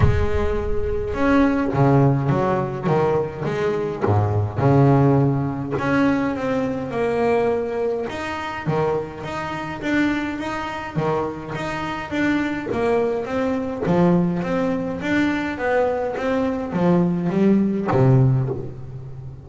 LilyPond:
\new Staff \with { instrumentName = "double bass" } { \time 4/4 \tempo 4 = 104 gis2 cis'4 cis4 | fis4 dis4 gis4 gis,4 | cis2 cis'4 c'4 | ais2 dis'4 dis4 |
dis'4 d'4 dis'4 dis4 | dis'4 d'4 ais4 c'4 | f4 c'4 d'4 b4 | c'4 f4 g4 c4 | }